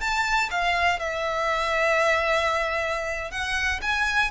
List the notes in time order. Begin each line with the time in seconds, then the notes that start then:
0.00 A5
0.50 F5
0.99 E5
3.31 F#5
3.82 G#5